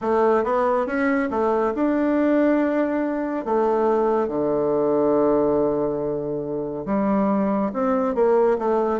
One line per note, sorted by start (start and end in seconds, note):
0.01 0.44 A3
0.44 0.86 B3
0.86 1.29 C#4
1.30 1.73 A3
1.74 3.45 D4
3.45 4.28 A3
4.28 6.85 D3
6.85 7.71 G3
7.73 8.14 C4
8.14 8.57 A#3
8.58 9.00 A3